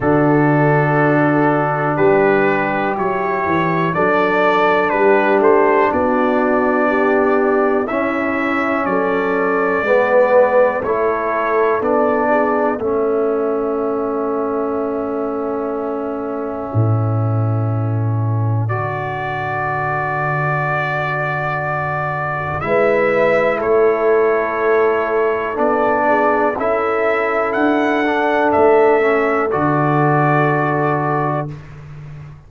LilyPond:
<<
  \new Staff \with { instrumentName = "trumpet" } { \time 4/4 \tempo 4 = 61 a'2 b'4 cis''4 | d''4 b'8 c''8 d''2 | e''4 d''2 cis''4 | d''4 e''2.~ |
e''2. d''4~ | d''2. e''4 | cis''2 d''4 e''4 | fis''4 e''4 d''2 | }
  \new Staff \with { instrumentName = "horn" } { \time 4/4 fis'2 g'2 | a'4 g'4 fis'4 g'4 | e'4 a'4 b'4 a'4~ | a'8 gis'8 a'2.~ |
a'1~ | a'2. b'4 | a'2~ a'8 gis'8 a'4~ | a'1 | }
  \new Staff \with { instrumentName = "trombone" } { \time 4/4 d'2. e'4 | d'1 | cis'2 b4 e'4 | d'4 cis'2.~ |
cis'2. fis'4~ | fis'2. e'4~ | e'2 d'4 e'4~ | e'8 d'4 cis'8 fis'2 | }
  \new Staff \with { instrumentName = "tuba" } { \time 4/4 d2 g4 fis8 e8 | fis4 g8 a8 b2 | cis'4 fis4 gis4 a4 | b4 a2.~ |
a4 a,2 d4~ | d2. gis4 | a2 b4 cis'4 | d'4 a4 d2 | }
>>